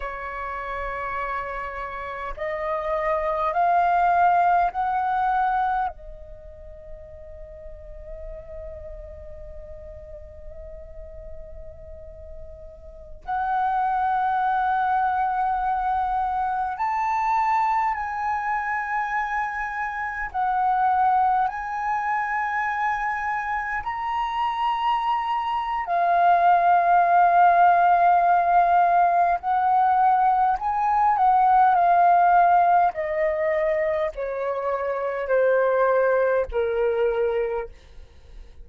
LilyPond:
\new Staff \with { instrumentName = "flute" } { \time 4/4 \tempo 4 = 51 cis''2 dis''4 f''4 | fis''4 dis''2.~ | dis''2.~ dis''16 fis''8.~ | fis''2~ fis''16 a''4 gis''8.~ |
gis''4~ gis''16 fis''4 gis''4.~ gis''16~ | gis''16 ais''4.~ ais''16 f''2~ | f''4 fis''4 gis''8 fis''8 f''4 | dis''4 cis''4 c''4 ais'4 | }